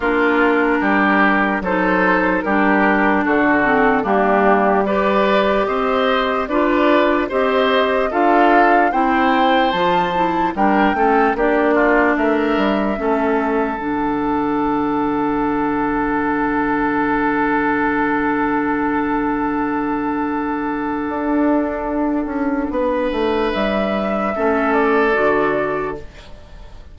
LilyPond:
<<
  \new Staff \with { instrumentName = "flute" } { \time 4/4 \tempo 4 = 74 ais'2 c''4 ais'4 | a'4 g'4 d''4 dis''4 | d''4 dis''4 f''4 g''4 | a''4 g''4 d''4 e''4~ |
e''4 fis''2.~ | fis''1~ | fis''1~ | fis''4 e''4. d''4. | }
  \new Staff \with { instrumentName = "oboe" } { \time 4/4 f'4 g'4 a'4 g'4 | fis'4 d'4 b'4 c''4 | b'4 c''4 a'4 c''4~ | c''4 ais'8 a'8 g'8 f'8 ais'4 |
a'1~ | a'1~ | a'1 | b'2 a'2 | }
  \new Staff \with { instrumentName = "clarinet" } { \time 4/4 d'2 dis'4 d'4~ | d'8 c'8 ais4 g'2 | f'4 g'4 f'4 e'4 | f'8 e'8 d'8 cis'8 d'2 |
cis'4 d'2.~ | d'1~ | d'1~ | d'2 cis'4 fis'4 | }
  \new Staff \with { instrumentName = "bassoon" } { \time 4/4 ais4 g4 fis4 g4 | d4 g2 c'4 | d'4 c'4 d'4 c'4 | f4 g8 a8 ais4 a8 g8 |
a4 d2.~ | d1~ | d2 d'4. cis'8 | b8 a8 g4 a4 d4 | }
>>